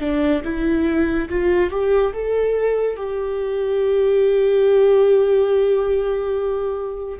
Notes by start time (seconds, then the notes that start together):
0.00 D4
0.44 E4
1.29 F4
1.71 G4
2.13 A4
2.97 G4